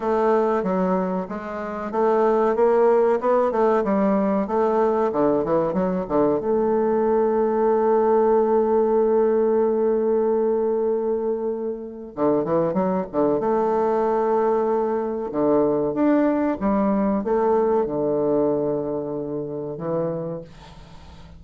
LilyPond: \new Staff \with { instrumentName = "bassoon" } { \time 4/4 \tempo 4 = 94 a4 fis4 gis4 a4 | ais4 b8 a8 g4 a4 | d8 e8 fis8 d8 a2~ | a1~ |
a2. d8 e8 | fis8 d8 a2. | d4 d'4 g4 a4 | d2. e4 | }